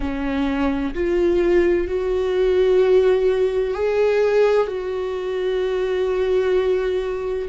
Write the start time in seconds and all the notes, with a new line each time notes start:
0.00 C#4
0.94 F4
1.87 F#4
3.74 G#4
4.67 F#4